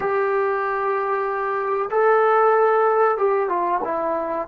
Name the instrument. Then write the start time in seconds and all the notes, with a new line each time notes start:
trombone
0.00 G4
1.91 A4
3.17 G4
3.48 F4
3.84 E4